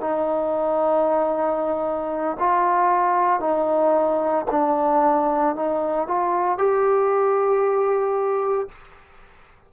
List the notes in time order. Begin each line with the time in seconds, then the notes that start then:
0.00 D#4
2.39 F4
3.40 D#4
4.51 D4
5.56 D#4
6.08 F4
6.58 G4